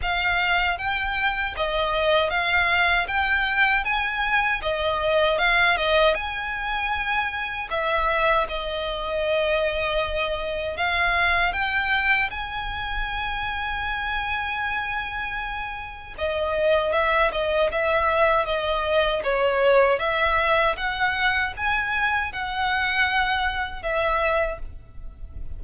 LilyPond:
\new Staff \with { instrumentName = "violin" } { \time 4/4 \tempo 4 = 78 f''4 g''4 dis''4 f''4 | g''4 gis''4 dis''4 f''8 dis''8 | gis''2 e''4 dis''4~ | dis''2 f''4 g''4 |
gis''1~ | gis''4 dis''4 e''8 dis''8 e''4 | dis''4 cis''4 e''4 fis''4 | gis''4 fis''2 e''4 | }